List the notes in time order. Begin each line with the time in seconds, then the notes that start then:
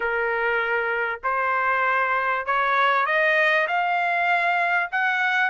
0.00 A#4
1.23 C5
2.45 C#5
3.06 D#5
3.67 F5
4.91 F#5